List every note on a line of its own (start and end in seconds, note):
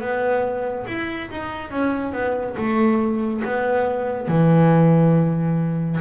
0.00 0.86 B3
0.87 1.30 E4
1.31 1.71 D#4
1.71 2.12 C#4
2.12 2.55 B3
2.57 3.42 A3
3.44 4.28 B3
4.28 5.99 E3